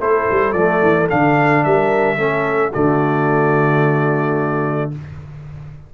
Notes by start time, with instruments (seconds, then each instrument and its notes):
0.00 tuba A3, trombone E4, horn A4, trumpet C5
0.31 tuba G3
0.53 tuba F3, trombone A3, trumpet D5
0.82 tuba E3
1.09 tuba D3, trombone D4, trumpet F5
1.64 tuba G3, horn A#4, trumpet E5
2.17 tuba A3, trombone C#4, horn A4
2.72 tuba D3, trombone A3, horn F#4, trumpet D5